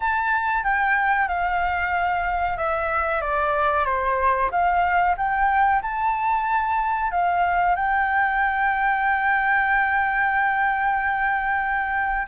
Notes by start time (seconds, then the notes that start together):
0.00 A5
0.63 G5
1.28 F5
2.57 E5
3.21 D5
3.85 C5
4.51 F5
5.17 G5
5.82 A5
7.11 F5
7.75 G5